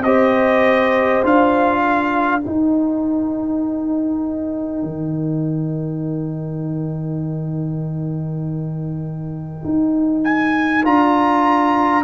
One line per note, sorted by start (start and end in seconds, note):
0.00 1.20 C4
0.00 1.23 G4
0.00 1.81 C5
0.00 1.23 D#5
1.23 2.44 D4
1.23 2.40 F4
1.23 2.41 F5
1.81 12.02 A#4
2.40 10.80 D#4
2.40 4.83 D#4
2.40 10.21 G5
4.83 9.62 D#3
9.64 10.84 D#4
10.24 10.84 G#5
10.83 12.04 D4
10.83 12.03 F4
10.83 12.04 A#5